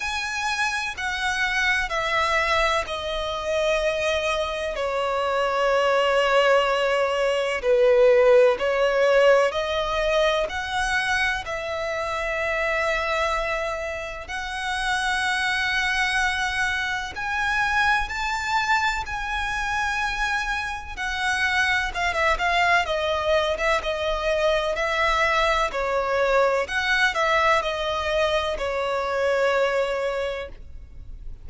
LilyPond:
\new Staff \with { instrumentName = "violin" } { \time 4/4 \tempo 4 = 63 gis''4 fis''4 e''4 dis''4~ | dis''4 cis''2. | b'4 cis''4 dis''4 fis''4 | e''2. fis''4~ |
fis''2 gis''4 a''4 | gis''2 fis''4 f''16 e''16 f''8 | dis''8. e''16 dis''4 e''4 cis''4 | fis''8 e''8 dis''4 cis''2 | }